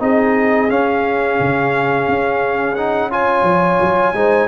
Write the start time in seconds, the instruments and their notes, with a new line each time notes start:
0.00 tuba C4, trombone D#4, horn G#4, trumpet D#5
0.70 trombone C#4, tuba C#4, trumpet F5
1.40 tuba C#3
2.08 tuba C#4
2.76 trombone D#4, trumpet F#5
3.11 trombone F4, horn C#5, trumpet G#5
3.43 tuba F3
3.81 tuba F#3
4.14 tuba G#3, trombone D#4, horn C5